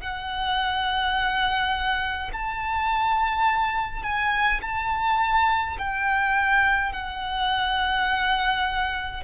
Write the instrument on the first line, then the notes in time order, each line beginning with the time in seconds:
violin
0.00 F#5
2.33 A5
4.02 G#5
4.62 A5
5.78 G5
6.92 F#5